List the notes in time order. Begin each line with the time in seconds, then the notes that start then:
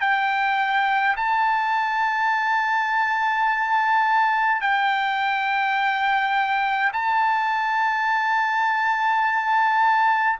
0.00 G5
1.16 A5
4.61 G5
6.93 A5